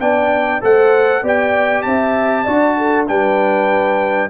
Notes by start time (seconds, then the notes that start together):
0.00 B3 D4 D5 G5
0.61 A3 A4 C5 F#5
1.22 B3 G4 D5 G5
1.82 C4 E5 A5
2.44 D4 F#4 D5
2.77 A4
3.07 G3 D4 B4 G5